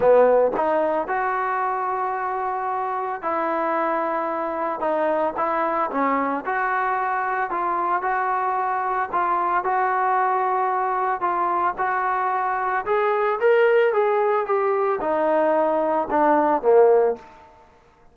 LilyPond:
\new Staff \with { instrumentName = "trombone" } { \time 4/4 \tempo 4 = 112 b4 dis'4 fis'2~ | fis'2 e'2~ | e'4 dis'4 e'4 cis'4 | fis'2 f'4 fis'4~ |
fis'4 f'4 fis'2~ | fis'4 f'4 fis'2 | gis'4 ais'4 gis'4 g'4 | dis'2 d'4 ais4 | }